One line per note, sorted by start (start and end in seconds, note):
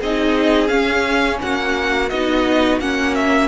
0.00 0.70 C4
0.00 0.68 D#4
0.00 1.40 G#4
0.00 0.68 D#5
0.68 2.08 C#4
0.68 1.40 C#4
0.68 1.37 F5
1.40 2.11 A#3
1.40 3.47 F#4
1.40 2.09 F#5
2.09 2.80 B3
2.09 2.81 D#4
2.09 2.79 D#5
2.80 3.47 A#3
2.80 3.47 C#4
2.80 3.15 F#5
3.15 3.47 E5